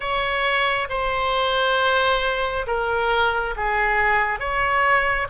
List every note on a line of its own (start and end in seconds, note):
0.00 0.88 C#5
0.89 2.66 C5
2.66 3.55 A#4
3.56 4.39 G#4
4.39 5.27 C#5